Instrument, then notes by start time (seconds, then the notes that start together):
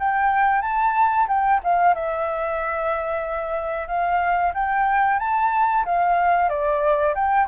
flute
0.00 G5
0.62 A5
1.28 G5
1.64 F5
1.95 E5
3.88 F5
4.55 G5
5.20 A5
5.85 F5
6.50 D5
7.15 G5